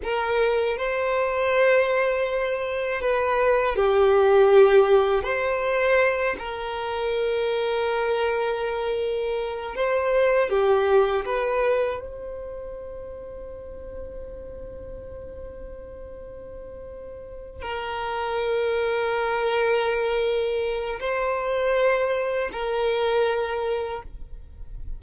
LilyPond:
\new Staff \with { instrumentName = "violin" } { \time 4/4 \tempo 4 = 80 ais'4 c''2. | b'4 g'2 c''4~ | c''8 ais'2.~ ais'8~ | ais'4 c''4 g'4 b'4 |
c''1~ | c''2.~ c''8 ais'8~ | ais'1 | c''2 ais'2 | }